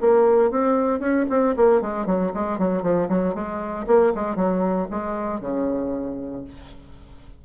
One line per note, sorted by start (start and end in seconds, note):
0.00 0.51 A#3
0.51 0.99 C4
0.99 1.25 C#4
1.29 1.55 C4
1.56 1.81 A#3
1.81 2.06 G#3
2.06 2.32 F#3
2.34 2.58 G#3
2.58 2.82 F#3
2.82 3.08 F3
3.08 3.34 F#3
3.34 3.86 G#3
3.87 4.13 A#3
4.15 4.36 G#3
4.36 4.87 F#3
4.90 5.40 G#3
5.40 6.44 C#3